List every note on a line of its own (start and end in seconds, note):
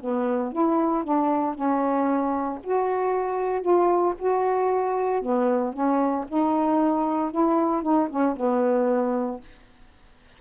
0.00 0.52 B3
0.52 1.03 E4
1.03 1.54 D4
1.54 2.59 C#4
2.63 3.61 F#4
3.61 4.13 F4
4.18 5.21 F#4
5.21 5.73 B3
5.73 6.25 C#4
6.28 7.31 D#4
7.31 7.82 E4
7.82 8.08 D#4
8.09 8.35 C#4
8.36 9.40 B3